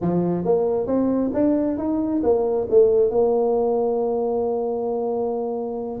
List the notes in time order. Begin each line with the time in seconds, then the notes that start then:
0.01 F3
0.44 A#3
0.86 C4
1.33 D4
1.77 D#4
2.23 A#3
2.70 A3
3.10 A#3